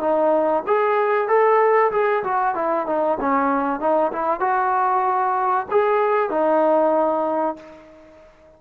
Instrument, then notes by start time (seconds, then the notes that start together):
trombone
0.00 D#4
0.67 G#4
1.28 A4
1.91 G#4
2.24 F#4
2.55 E4
2.87 D#4
3.20 C#4
3.80 D#4
4.13 E4
4.40 F#4
5.71 G#4
6.30 D#4